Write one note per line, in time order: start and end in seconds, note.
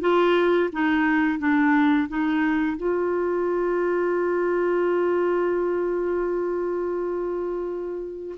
0.00 0.70 F4
0.72 1.39 D#4
1.39 2.08 D4
2.08 2.77 D#4
2.77 8.35 F4